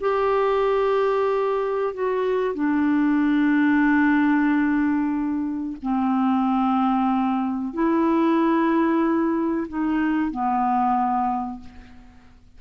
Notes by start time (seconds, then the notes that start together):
0.00 G4
1.94 F#4
2.54 D4
5.82 C4
7.73 E4
9.68 D#4
10.31 B3